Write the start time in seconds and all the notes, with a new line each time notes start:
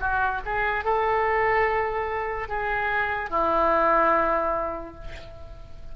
0.00 F#4
0.45 G#4
0.84 A4
2.48 G#4
3.30 E4